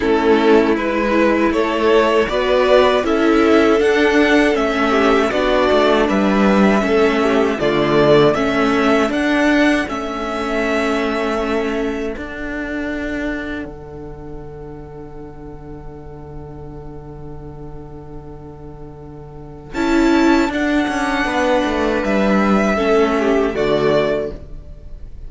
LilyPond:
<<
  \new Staff \with { instrumentName = "violin" } { \time 4/4 \tempo 4 = 79 a'4 b'4 cis''4 d''4 | e''4 fis''4 e''4 d''4 | e''2 d''4 e''4 | fis''4 e''2. |
fis''1~ | fis''1~ | fis''2 a''4 fis''4~ | fis''4 e''2 d''4 | }
  \new Staff \with { instrumentName = "violin" } { \time 4/4 e'2 a'4 b'4 | a'2~ a'8 g'8 fis'4 | b'4 a'8 g'8 f'4 a'4~ | a'1~ |
a'1~ | a'1~ | a'1 | b'2 a'8 g'8 fis'4 | }
  \new Staff \with { instrumentName = "viola" } { \time 4/4 cis'4 e'2 fis'4 | e'4 d'4 cis'4 d'4~ | d'4 cis'4 a4 cis'4 | d'4 cis'2. |
d'1~ | d'1~ | d'2 e'4 d'4~ | d'2 cis'4 a4 | }
  \new Staff \with { instrumentName = "cello" } { \time 4/4 a4 gis4 a4 b4 | cis'4 d'4 a4 b8 a8 | g4 a4 d4 a4 | d'4 a2. |
d'2 d2~ | d1~ | d2 cis'4 d'8 cis'8 | b8 a8 g4 a4 d4 | }
>>